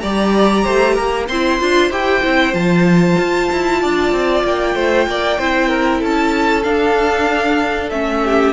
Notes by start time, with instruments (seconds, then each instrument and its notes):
0.00 cello G3, viola G4, violin D5 A#5
0.64 cello A3, violin C5
0.94 cello A#3, violin A#4
1.28 cello C4, viola E4, violin C5 C6
1.60 cello D4, viola F4
1.90 cello E4, viola G4, violin G5
2.23 cello C4, viola E4
2.53 cello F3, viola F4, violin A5
3.18 cello F4
3.52 cello E4
3.81 cello D4, violin D5
4.12 cello C4
4.44 cello A#3, violin G5
4.75 cello A3, violin C5
5.07 cello A#3, violin D5
5.38 cello C4, viola E4, violin C5
5.69 violin A#4
6.01 cello C#4, violin A4 A5
6.63 viola D4, cello D4, violin F5
7.90 cello A3, viola C#4, violin E5
8.24 violin G4